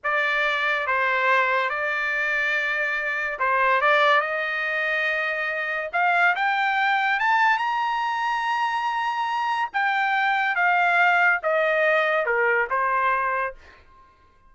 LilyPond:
\new Staff \with { instrumentName = "trumpet" } { \time 4/4 \tempo 4 = 142 d''2 c''2 | d''1 | c''4 d''4 dis''2~ | dis''2 f''4 g''4~ |
g''4 a''4 ais''2~ | ais''2. g''4~ | g''4 f''2 dis''4~ | dis''4 ais'4 c''2 | }